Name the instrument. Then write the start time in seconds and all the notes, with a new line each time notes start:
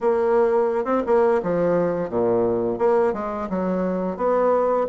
bassoon
0.01 A#3
0.85 C4
1.06 A#3
1.42 F3
2.09 A#2
2.78 A#3
3.13 G#3
3.49 F#3
4.17 B3